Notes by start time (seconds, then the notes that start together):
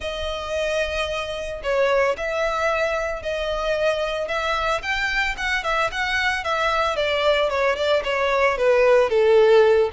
0.00 D#5
1.63 C#5
2.17 E5
3.22 D#5
4.27 E5
4.82 G5
5.37 F#5
5.63 E5
5.91 F#5
6.44 E5
6.96 D5
7.49 C#5
7.76 D5
8.04 C#5
8.57 B4
9.09 A4